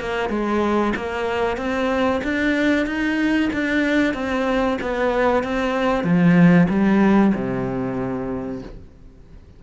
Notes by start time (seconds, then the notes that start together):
0.00 A#3
0.29 G#3
0.95 A#3
1.57 C4
2.23 D4
2.86 D#4
3.53 D4
4.13 C4
4.81 B3
5.43 C4
6.03 F3
6.69 G3
7.34 C3